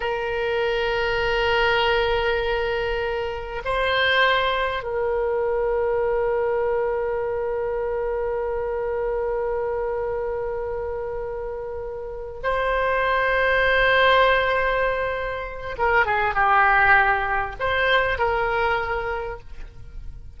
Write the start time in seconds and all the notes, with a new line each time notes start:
0.00 A#4
3.64 C5
4.83 A#4
12.43 C5
15.78 A#4
16.05 G#4
16.34 G4
17.59 C5
18.18 A#4